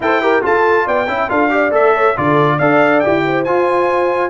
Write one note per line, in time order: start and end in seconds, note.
0.00 0.42 E4
0.00 0.21 A4
0.00 0.22 C5
0.00 0.44 G5
0.21 0.41 G4
0.21 0.42 A#4
0.41 1.06 F4
0.41 0.87 F4
0.41 0.85 A4
0.41 0.87 A5
0.85 1.07 B3
0.85 1.07 D5
0.85 1.30 G5
1.07 1.29 C#4
1.07 1.28 E4
1.07 1.29 E5
1.28 1.71 D4
1.28 1.49 F4
1.28 1.51 A4
1.28 1.73 F5
1.49 1.71 G4
1.49 1.94 D5
1.71 2.14 A3
1.71 2.14 A4
1.71 2.17 E5
1.94 2.15 C#5
2.16 2.59 D3
2.16 2.59 F4
2.16 2.56 A4
2.16 2.58 D5
2.56 3.03 D4
2.56 3.04 A4
2.56 3.21 D5
2.56 3.00 F5
3.00 3.46 G4
3.00 3.43 G5
3.06 3.46 E4
3.24 4.30 C5
3.44 4.30 F4
3.44 4.30 G#5